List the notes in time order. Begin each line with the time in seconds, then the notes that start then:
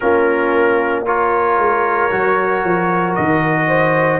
0.00 A#3 C#4 F4 A#4
1.04 F4 A#4 C#5
1.57 G#3
2.11 F#3 F#4
2.64 F3
3.14 D#3 D#5
3.67 C5